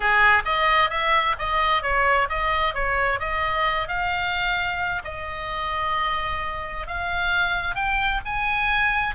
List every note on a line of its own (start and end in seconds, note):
0.00 0.42 G#4
0.45 0.90 D#5
0.90 1.35 E5
1.38 1.82 D#5
1.82 2.28 C#5
2.29 2.74 D#5
2.74 3.19 C#5
3.19 3.88 D#5
3.88 5.02 F5
5.04 6.87 D#5
6.87 7.75 F5
7.75 8.20 G5
8.25 9.15 G#5